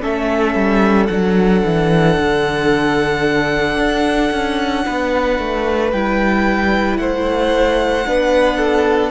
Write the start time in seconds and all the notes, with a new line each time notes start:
0.00 A3 C#4 A4 E5
0.54 G3
1.06 F#3 D4 F#5
1.65 E3
2.17 D3
3.77 D4
4.31 C#4
4.85 B3 B4
5.39 A3
5.92 G3 E4 G5
6.97 A3 C5 F#5
8.04 B3 D4 B4
8.56 A4